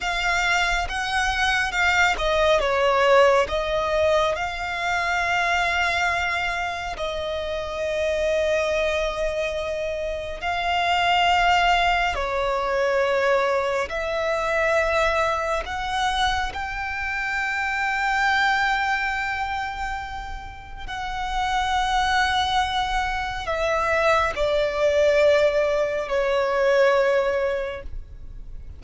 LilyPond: \new Staff \with { instrumentName = "violin" } { \time 4/4 \tempo 4 = 69 f''4 fis''4 f''8 dis''8 cis''4 | dis''4 f''2. | dis''1 | f''2 cis''2 |
e''2 fis''4 g''4~ | g''1 | fis''2. e''4 | d''2 cis''2 | }